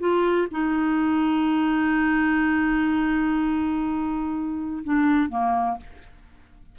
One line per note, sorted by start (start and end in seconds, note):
0.00 0.48 F4
0.52 4.84 D#4
4.85 5.30 D4
5.30 5.78 A#3